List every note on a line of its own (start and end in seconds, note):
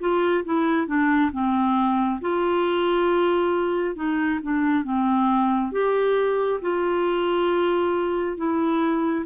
0.00 0.44 F4
0.45 0.87 E4
0.87 1.31 D4
1.32 2.20 C4
2.21 3.95 F4
3.95 4.40 D#4
4.43 4.84 D4
4.84 5.72 C4
5.72 6.60 G4
6.61 8.37 F4
8.37 9.25 E4